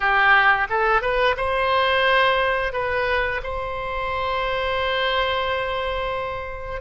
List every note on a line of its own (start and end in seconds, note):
0.00 0.67 G4
0.69 1.01 A4
1.01 1.35 B4
1.36 2.73 C5
2.73 3.41 B4
3.43 6.81 C5